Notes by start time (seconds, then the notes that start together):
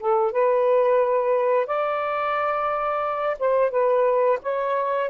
0.00 A4
0.32 B4
1.66 D5
3.39 C5
3.71 B4
4.42 C#5